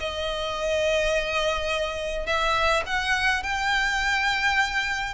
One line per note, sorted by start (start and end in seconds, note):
0.00 2.26 D#5
2.26 2.83 E5
2.86 3.43 F#5
3.43 5.14 G5